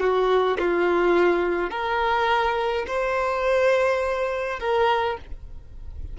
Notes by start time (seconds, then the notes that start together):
0.00 F#4
0.58 F4
1.70 A#4
2.87 C5
4.59 A#4